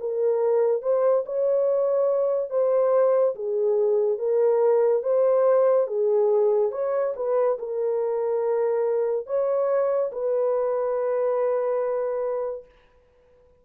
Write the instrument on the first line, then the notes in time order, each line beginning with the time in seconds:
horn
0.00 A#4
0.82 C5
1.26 C#5
2.50 C5
3.35 G#4
4.18 A#4
5.03 C5
5.87 G#4
6.71 C#5
7.16 B4
7.59 A#4
9.26 C#5
10.12 B4